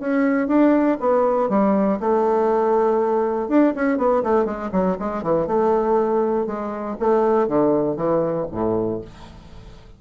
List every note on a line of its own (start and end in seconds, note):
0.00 0.48 C#4
0.48 0.98 D4
1.00 1.49 B3
1.49 1.99 G3
2.00 3.49 A3
3.49 3.74 D4
3.75 3.98 C#4
3.98 4.23 B3
4.24 4.45 A3
4.45 4.70 G#3
4.72 4.97 F#3
4.99 5.23 G#3
5.23 5.47 E3
5.47 6.47 A3
6.47 6.97 G#3
7.00 7.48 A3
7.48 7.97 D3
7.97 8.47 E3
8.52 9.02 A2